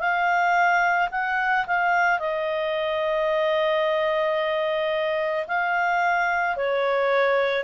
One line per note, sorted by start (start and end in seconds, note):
0.00 1.09 F5
1.12 1.66 F#5
1.67 2.20 F5
2.20 5.47 D#5
5.48 6.57 F5
6.57 7.64 C#5